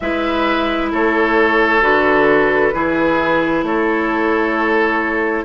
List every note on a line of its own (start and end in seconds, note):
0.00 0.92 G#3
0.00 1.81 E4
0.00 0.92 B4
0.00 0.89 E5
0.92 1.81 A3
0.92 2.73 A4
0.92 1.82 C#5
1.81 2.72 D3
1.81 2.72 F#4
1.81 3.64 B4
2.73 3.62 E3
2.73 5.45 E4
2.73 3.65 G#4
3.62 5.44 A3
3.62 5.45 A4
3.62 5.45 C#5